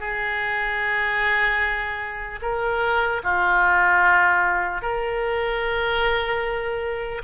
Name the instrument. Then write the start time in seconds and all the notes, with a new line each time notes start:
oboe
0.00 G#4
2.42 A#4
3.23 F4
4.82 A#4